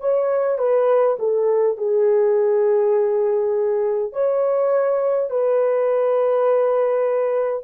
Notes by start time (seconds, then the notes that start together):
0.00 C#5
0.58 B4
1.19 A4
1.77 G#4
4.12 C#5
5.30 B4